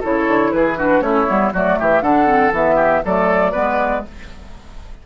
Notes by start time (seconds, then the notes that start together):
0.00 C#3 E4 A4 C#5
0.28 D3
0.53 E3 G#4 B4
0.78 D4 F#4
1.01 A3 C#4 E4 C#5
1.27 G3 B3
1.53 F#3 A3 F#4 D5
1.79 E3 G4 E5
2.01 D3 D4 A4 F#5
2.27 C4
2.52 E3 B3 E5
2.76 G4
3.05 F#3 A3 A4 D5
3.52 G#3 B3 B4